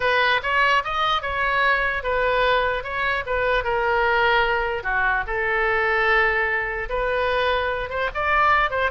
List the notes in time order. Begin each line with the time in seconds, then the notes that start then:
0.00 B4
0.42 C#5
0.83 D#5
1.22 C#5
2.03 B4
2.83 C#5
3.26 B4
3.64 A#4
4.83 F#4
5.26 A4
6.89 B4
7.89 C5
8.14 D5
8.70 C5